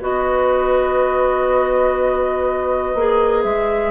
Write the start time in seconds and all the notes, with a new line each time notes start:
0.00 B3 F#4 B4 D#5
2.95 A#3 G#4
3.43 G#3 E5